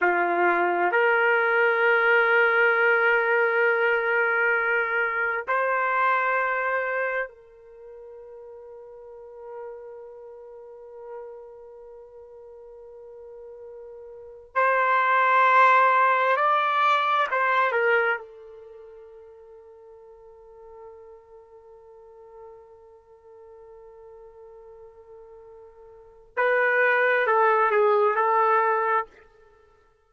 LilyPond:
\new Staff \with { instrumentName = "trumpet" } { \time 4/4 \tempo 4 = 66 f'4 ais'2.~ | ais'2 c''2 | ais'1~ | ais'1 |
c''2 d''4 c''8 ais'8 | a'1~ | a'1~ | a'4 b'4 a'8 gis'8 a'4 | }